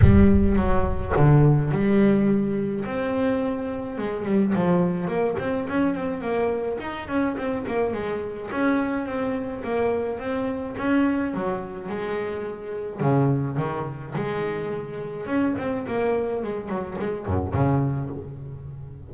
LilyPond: \new Staff \with { instrumentName = "double bass" } { \time 4/4 \tempo 4 = 106 g4 fis4 d4 g4~ | g4 c'2 gis8 g8 | f4 ais8 c'8 cis'8 c'8 ais4 | dis'8 cis'8 c'8 ais8 gis4 cis'4 |
c'4 ais4 c'4 cis'4 | fis4 gis2 cis4 | dis4 gis2 cis'8 c'8 | ais4 gis8 fis8 gis8 fis,8 cis4 | }